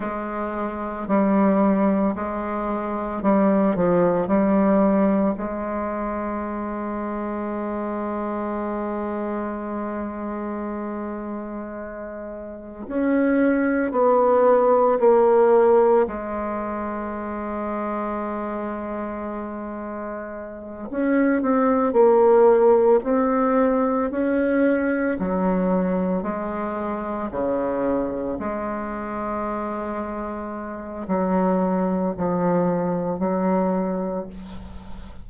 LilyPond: \new Staff \with { instrumentName = "bassoon" } { \time 4/4 \tempo 4 = 56 gis4 g4 gis4 g8 f8 | g4 gis2.~ | gis1 | cis'4 b4 ais4 gis4~ |
gis2.~ gis8 cis'8 | c'8 ais4 c'4 cis'4 fis8~ | fis8 gis4 cis4 gis4.~ | gis4 fis4 f4 fis4 | }